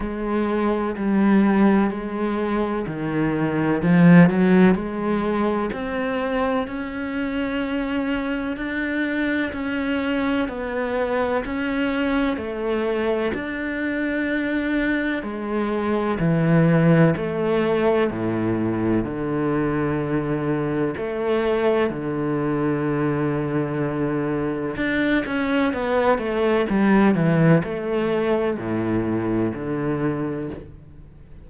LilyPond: \new Staff \with { instrumentName = "cello" } { \time 4/4 \tempo 4 = 63 gis4 g4 gis4 dis4 | f8 fis8 gis4 c'4 cis'4~ | cis'4 d'4 cis'4 b4 | cis'4 a4 d'2 |
gis4 e4 a4 a,4 | d2 a4 d4~ | d2 d'8 cis'8 b8 a8 | g8 e8 a4 a,4 d4 | }